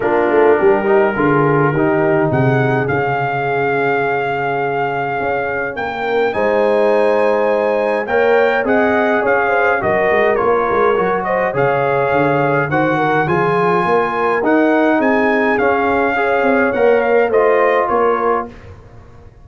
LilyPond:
<<
  \new Staff \with { instrumentName = "trumpet" } { \time 4/4 \tempo 4 = 104 ais'1 | fis''4 f''2.~ | f''2 g''4 gis''4~ | gis''2 g''4 fis''4 |
f''4 dis''4 cis''4. dis''8 | f''2 fis''4 gis''4~ | gis''4 fis''4 gis''4 f''4~ | f''4 fis''8 f''8 dis''4 cis''4 | }
  \new Staff \with { instrumentName = "horn" } { \time 4/4 f'4 g'4 gis'4 g'4 | gis'1~ | gis'2 ais'4 c''4~ | c''2 cis''4 dis''4 |
cis''8 c''8 ais'2~ ais'8 c''8 | cis''2 c''8 ais'8 gis'4 | ais'2 gis'2 | cis''2 c''4 ais'4 | }
  \new Staff \with { instrumentName = "trombone" } { \time 4/4 d'4. dis'8 f'4 dis'4~ | dis'4 cis'2.~ | cis'2. dis'4~ | dis'2 ais'4 gis'4~ |
gis'4 fis'4 f'4 fis'4 | gis'2 fis'4 f'4~ | f'4 dis'2 cis'4 | gis'4 ais'4 f'2 | }
  \new Staff \with { instrumentName = "tuba" } { \time 4/4 ais8 a8 g4 d4 dis4 | c4 cis2.~ | cis4 cis'4 ais4 gis4~ | gis2 ais4 c'4 |
cis'4 fis8 gis8 ais8 gis8 fis4 | cis4 d4 dis4 f4 | ais4 dis'4 c'4 cis'4~ | cis'8 c'8 ais4 a4 ais4 | }
>>